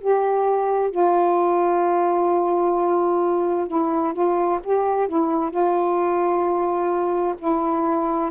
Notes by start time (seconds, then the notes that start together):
0.00 G4
0.91 F4
3.68 E4
4.13 F4
4.63 G4
5.08 E4
5.50 F4
7.38 E4